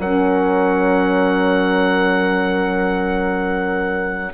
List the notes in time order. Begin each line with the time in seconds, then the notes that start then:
0.00 F#3 C#4 A#4 F#5